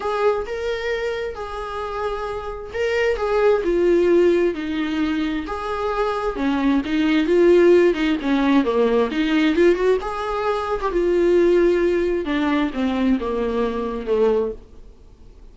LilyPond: \new Staff \with { instrumentName = "viola" } { \time 4/4 \tempo 4 = 132 gis'4 ais'2 gis'4~ | gis'2 ais'4 gis'4 | f'2 dis'2 | gis'2 cis'4 dis'4 |
f'4. dis'8 cis'4 ais4 | dis'4 f'8 fis'8 gis'4.~ gis'16 g'16 | f'2. d'4 | c'4 ais2 a4 | }